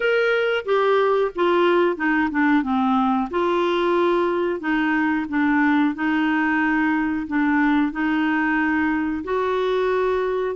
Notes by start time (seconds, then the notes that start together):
0.00 A#4
0.65 G4
1.35 F4
1.96 D#4
2.30 D4
2.63 C4
3.30 F4
4.60 D#4
5.28 D4
5.94 D#4
7.27 D4
7.92 D#4
9.24 F#4